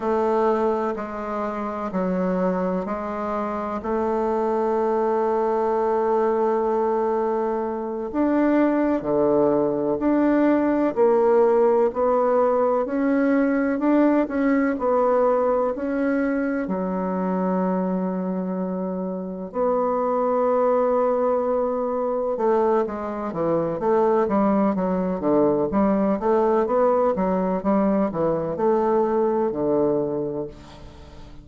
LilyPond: \new Staff \with { instrumentName = "bassoon" } { \time 4/4 \tempo 4 = 63 a4 gis4 fis4 gis4 | a1~ | a8 d'4 d4 d'4 ais8~ | ais8 b4 cis'4 d'8 cis'8 b8~ |
b8 cis'4 fis2~ fis8~ | fis8 b2. a8 | gis8 e8 a8 g8 fis8 d8 g8 a8 | b8 fis8 g8 e8 a4 d4 | }